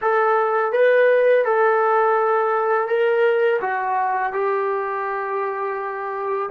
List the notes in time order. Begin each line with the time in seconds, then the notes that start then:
0.01 A4
0.72 B4
1.44 A4
2.88 A#4
3.61 F#4
4.32 G4